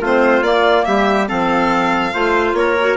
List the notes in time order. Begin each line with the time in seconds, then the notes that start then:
0.00 A3 C4 F4 C5
0.42 A#3 D5
0.85 G3 G4 E5
1.28 F3 C4 A4 F5
2.14 A3 F4 C5
2.53 A#3 A#4 C#5
2.79 F#4